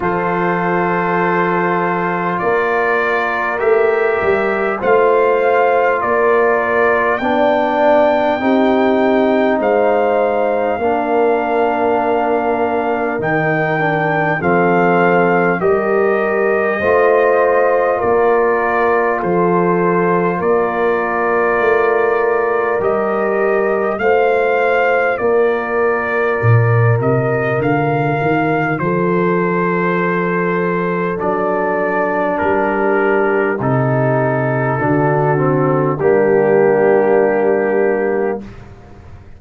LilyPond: <<
  \new Staff \with { instrumentName = "trumpet" } { \time 4/4 \tempo 4 = 50 c''2 d''4 e''4 | f''4 d''4 g''2 | f''2. g''4 | f''4 dis''2 d''4 |
c''4 d''2 dis''4 | f''4 d''4. dis''8 f''4 | c''2 d''4 ais'4 | a'2 g'2 | }
  \new Staff \with { instrumentName = "horn" } { \time 4/4 a'2 ais'2 | c''4 ais'4 d''4 g'4 | c''4 ais'2. | a'4 ais'4 c''4 ais'4 |
a'4 ais'2. | c''4 ais'2. | a'2. g'4~ | g'4 fis'4 d'2 | }
  \new Staff \with { instrumentName = "trombone" } { \time 4/4 f'2. g'4 | f'2 d'4 dis'4~ | dis'4 d'2 dis'8 d'8 | c'4 g'4 f'2~ |
f'2. g'4 | f'1~ | f'2 d'2 | dis'4 d'8 c'8 ais2 | }
  \new Staff \with { instrumentName = "tuba" } { \time 4/4 f2 ais4 a8 g8 | a4 ais4 b4 c'4 | gis4 ais2 dis4 | f4 g4 a4 ais4 |
f4 ais4 a4 g4 | a4 ais4 ais,8 c8 d8 dis8 | f2 fis4 g4 | c4 d4 g2 | }
>>